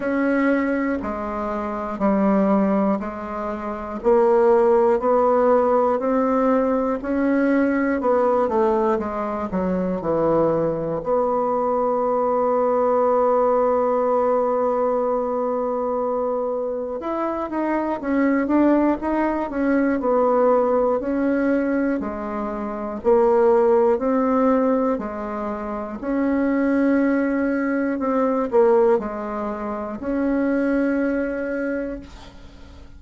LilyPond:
\new Staff \with { instrumentName = "bassoon" } { \time 4/4 \tempo 4 = 60 cis'4 gis4 g4 gis4 | ais4 b4 c'4 cis'4 | b8 a8 gis8 fis8 e4 b4~ | b1~ |
b4 e'8 dis'8 cis'8 d'8 dis'8 cis'8 | b4 cis'4 gis4 ais4 | c'4 gis4 cis'2 | c'8 ais8 gis4 cis'2 | }